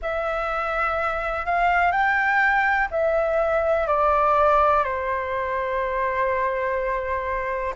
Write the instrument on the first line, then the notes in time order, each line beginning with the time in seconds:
flute
0.01 E5
1.45 F5
1.91 G5
2.90 E5
3.87 D5
4.83 C5